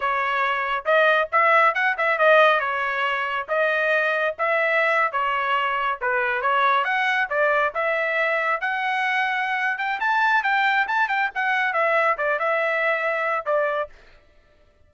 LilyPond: \new Staff \with { instrumentName = "trumpet" } { \time 4/4 \tempo 4 = 138 cis''2 dis''4 e''4 | fis''8 e''8 dis''4 cis''2 | dis''2 e''4.~ e''16 cis''16~ | cis''4.~ cis''16 b'4 cis''4 fis''16~ |
fis''8. d''4 e''2 fis''16~ | fis''2~ fis''8 g''8 a''4 | g''4 a''8 g''8 fis''4 e''4 | d''8 e''2~ e''8 d''4 | }